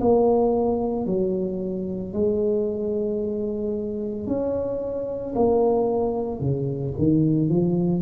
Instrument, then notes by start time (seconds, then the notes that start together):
tuba
0.00 A#3
1.06 F#3
2.13 G#3
4.27 C#4
5.35 A#3
6.40 C#3
6.97 D#3
7.49 F3